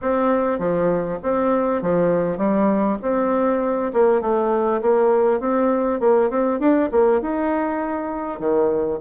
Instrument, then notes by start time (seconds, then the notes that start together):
bassoon
0.01 C4
0.58 F3
1.22 C4
1.82 F3
2.37 G3
3.02 C4
3.93 A#3
4.21 A3
4.81 A#3
5.40 C4
5.99 A#3
6.29 C4
6.59 D4
6.91 A#3
7.21 D#4
8.39 D#3